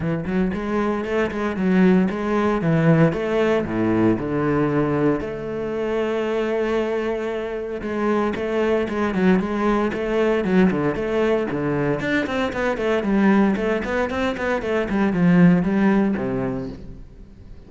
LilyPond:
\new Staff \with { instrumentName = "cello" } { \time 4/4 \tempo 4 = 115 e8 fis8 gis4 a8 gis8 fis4 | gis4 e4 a4 a,4 | d2 a2~ | a2. gis4 |
a4 gis8 fis8 gis4 a4 | fis8 d8 a4 d4 d'8 c'8 | b8 a8 g4 a8 b8 c'8 b8 | a8 g8 f4 g4 c4 | }